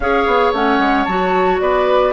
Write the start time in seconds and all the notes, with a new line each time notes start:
0.00 C#4 G#4 C#5 F5
0.26 B3
0.52 A3 C#4 F#5
0.79 G#3
1.04 F#3 F#4 A5
1.59 B3 B4 D5